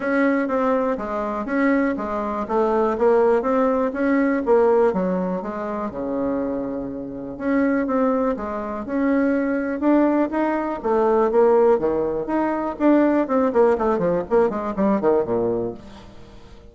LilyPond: \new Staff \with { instrumentName = "bassoon" } { \time 4/4 \tempo 4 = 122 cis'4 c'4 gis4 cis'4 | gis4 a4 ais4 c'4 | cis'4 ais4 fis4 gis4 | cis2. cis'4 |
c'4 gis4 cis'2 | d'4 dis'4 a4 ais4 | dis4 dis'4 d'4 c'8 ais8 | a8 f8 ais8 gis8 g8 dis8 ais,4 | }